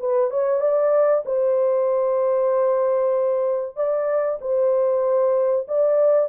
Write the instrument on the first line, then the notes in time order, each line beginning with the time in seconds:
horn
0.00 B4
0.31 C#5
0.61 D5
1.25 C5
3.76 D5
4.41 C5
5.68 D5